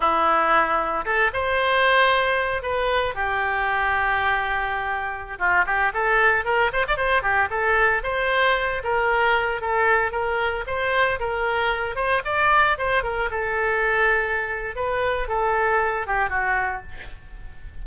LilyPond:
\new Staff \with { instrumentName = "oboe" } { \time 4/4 \tempo 4 = 114 e'2 a'8 c''4.~ | c''4 b'4 g'2~ | g'2~ g'16 f'8 g'8 a'8.~ | a'16 ais'8 c''16 d''16 c''8 g'8 a'4 c''8.~ |
c''8. ais'4. a'4 ais'8.~ | ais'16 c''4 ais'4. c''8 d''8.~ | d''16 c''8 ais'8 a'2~ a'8. | b'4 a'4. g'8 fis'4 | }